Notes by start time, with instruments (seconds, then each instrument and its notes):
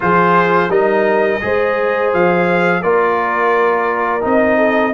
0.00 tuba F3, trombone F4, horn G#4, trumpet C5
0.68 tuba G3, trombone D#4, horn A#4, trumpet D#5
1.41 tuba G#3, trombone G#4, horn C5
2.13 tuba F3, trumpet F5
2.82 tuba A#3, trombone F4, horn A#4, trumpet D5
4.21 tuba C4, trombone D#4, trumpet D#5
4.57 horn A4